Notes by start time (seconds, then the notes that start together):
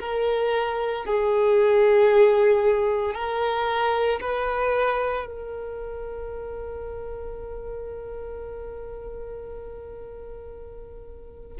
0.00 A#4
1.05 G#4
3.14 A#4
4.20 B4
5.25 A#4